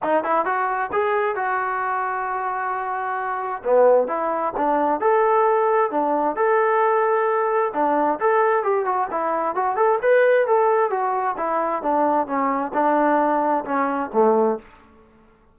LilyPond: \new Staff \with { instrumentName = "trombone" } { \time 4/4 \tempo 4 = 132 dis'8 e'8 fis'4 gis'4 fis'4~ | fis'1 | b4 e'4 d'4 a'4~ | a'4 d'4 a'2~ |
a'4 d'4 a'4 g'8 fis'8 | e'4 fis'8 a'8 b'4 a'4 | fis'4 e'4 d'4 cis'4 | d'2 cis'4 a4 | }